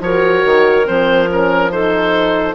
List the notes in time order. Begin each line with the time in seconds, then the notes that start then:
0.00 F3 F#4 A#4 C#5
0.45 D#3
0.85 F3 C4 C5
1.28 C#4 A#4
1.70 D#4 A4 C5